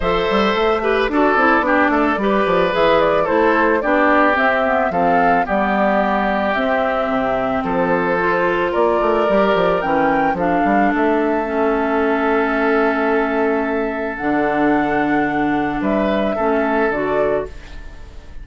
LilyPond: <<
  \new Staff \with { instrumentName = "flute" } { \time 4/4 \tempo 4 = 110 e''2 d''2~ | d''4 e''8 d''8 c''4 d''4 | e''4 f''4 d''2 | e''2 c''2 |
d''2 g''4 f''4 | e''1~ | e''2 fis''2~ | fis''4 e''2 d''4 | }
  \new Staff \with { instrumentName = "oboe" } { \time 4/4 c''4. b'8 a'4 g'8 a'8 | b'2 a'4 g'4~ | g'4 a'4 g'2~ | g'2 a'2 |
ais'2. a'4~ | a'1~ | a'1~ | a'4 b'4 a'2 | }
  \new Staff \with { instrumentName = "clarinet" } { \time 4/4 a'4. g'8 fis'8 e'8 d'4 | g'4 gis'4 e'4 d'4 | c'8 b8 c'4 b2 | c'2. f'4~ |
f'4 g'4 cis'4 d'4~ | d'4 cis'2.~ | cis'2 d'2~ | d'2 cis'4 fis'4 | }
  \new Staff \with { instrumentName = "bassoon" } { \time 4/4 f8 g8 a4 d'8 c'8 b8 a8 | g8 f8 e4 a4 b4 | c'4 f4 g2 | c'4 c4 f2 |
ais8 a8 g8 f8 e4 f8 g8 | a1~ | a2 d2~ | d4 g4 a4 d4 | }
>>